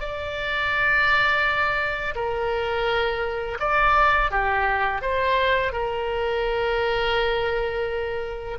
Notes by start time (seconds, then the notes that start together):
0.00 D5
2.15 A#4
3.59 D5
4.31 G4
5.01 C5
5.72 A#4